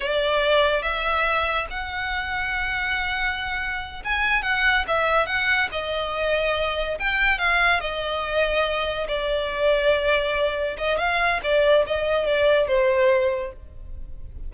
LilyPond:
\new Staff \with { instrumentName = "violin" } { \time 4/4 \tempo 4 = 142 d''2 e''2 | fis''1~ | fis''4. gis''4 fis''4 e''8~ | e''8 fis''4 dis''2~ dis''8~ |
dis''8 g''4 f''4 dis''4.~ | dis''4. d''2~ d''8~ | d''4. dis''8 f''4 d''4 | dis''4 d''4 c''2 | }